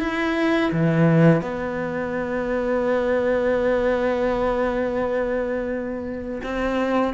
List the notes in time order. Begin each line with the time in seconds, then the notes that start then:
0.00 E4
0.72 E3
1.42 B3
6.43 C4